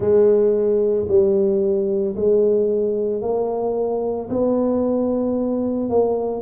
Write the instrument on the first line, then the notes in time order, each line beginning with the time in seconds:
tuba
0.00 G#3
1.08 G3
2.16 G#3
3.21 A#3
4.29 B3
5.89 A#3